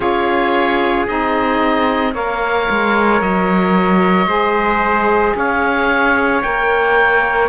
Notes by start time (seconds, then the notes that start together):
0.00 C#4 F4 G#4 C#5
1.06 C4 D#4 D#5
2.13 A#3 A#4 C#5 F5
2.69 G#3
3.21 F#3 D#5
4.26 G#3 G#4 C5
5.34 C#4 C#5 F5
6.42 A#3 A#4 G5